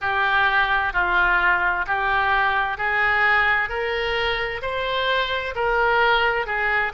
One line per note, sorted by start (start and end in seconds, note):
0.01 0.93 G4
0.93 1.85 F4
1.87 2.77 G4
2.77 3.69 G#4
3.69 4.61 A#4
4.62 5.54 C5
5.55 6.46 A#4
6.46 6.92 G#4